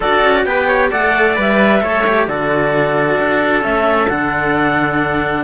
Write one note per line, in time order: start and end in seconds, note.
0.00 0.23 D4
0.00 0.47 F#4
0.00 0.42 A4
0.00 0.44 D5
0.23 0.45 C#4
0.44 0.90 B3
0.44 0.91 G4
0.44 0.67 B4
0.44 0.90 G5
0.67 0.89 C#5
0.90 1.37 A3
0.90 1.36 A4
0.90 1.81 D5
0.90 1.36 F#5
1.36 1.82 G3
1.36 1.81 B4
1.36 2.27 E5
1.81 2.27 A3
1.81 2.03 A4
1.81 2.27 C#5
2.06 2.29 G4
2.27 3.18 D3
2.27 3.61 F#4
2.27 5.43 A4
2.27 3.63 D5
3.18 3.63 D4
3.61 4.09 A3
3.61 4.06 C#4
3.61 4.08 E5
4.08 5.43 D3
4.08 5.43 D4
4.08 5.43 F#5